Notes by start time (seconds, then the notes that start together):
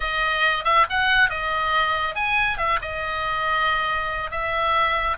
0.00 D#5
0.64 E5
0.89 F#5
1.29 D#5
2.15 G#5
2.57 E5
2.81 D#5
4.30 E5